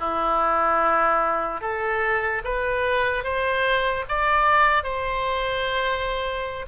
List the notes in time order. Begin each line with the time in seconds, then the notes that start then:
0.00 E4
1.61 A4
2.44 B4
3.24 C5
4.09 D5
4.84 C5